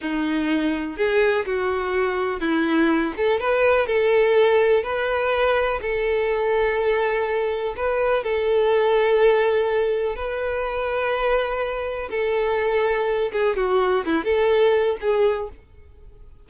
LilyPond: \new Staff \with { instrumentName = "violin" } { \time 4/4 \tempo 4 = 124 dis'2 gis'4 fis'4~ | fis'4 e'4. a'8 b'4 | a'2 b'2 | a'1 |
b'4 a'2.~ | a'4 b'2.~ | b'4 a'2~ a'8 gis'8 | fis'4 e'8 a'4. gis'4 | }